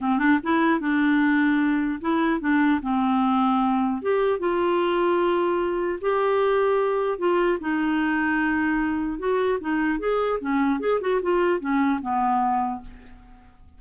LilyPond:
\new Staff \with { instrumentName = "clarinet" } { \time 4/4 \tempo 4 = 150 c'8 d'8 e'4 d'2~ | d'4 e'4 d'4 c'4~ | c'2 g'4 f'4~ | f'2. g'4~ |
g'2 f'4 dis'4~ | dis'2. fis'4 | dis'4 gis'4 cis'4 gis'8 fis'8 | f'4 cis'4 b2 | }